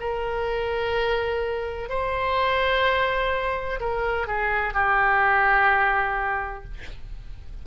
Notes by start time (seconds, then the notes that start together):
0.00 A#4
1.89 C5
3.81 A#4
4.28 G#4
4.74 G4